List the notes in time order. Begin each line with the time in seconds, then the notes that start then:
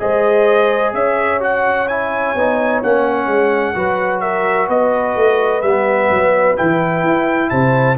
0.00 G#3 G#4 C5 D#5
0.94 C#4 C#5 E5
1.40 F#4 F#5
1.88 E4 G#5
2.35 B3 D#4
2.83 A#3 C#4 F#5
3.27 G#3
3.75 F#3 F#4 B4
4.21 A#4 E5
4.69 B3 B4 D#5
5.16 A3
5.62 G3 B3 E5
6.10 F#3
6.57 E3 E4 G5
7.04 E4
7.50 C3 C5 A5